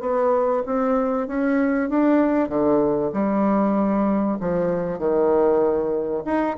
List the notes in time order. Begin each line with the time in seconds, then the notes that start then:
0.00 B3
0.65 C4
1.27 C#4
1.89 D4
2.49 D3
3.13 G3
4.40 F3
4.99 D#3
6.25 D#4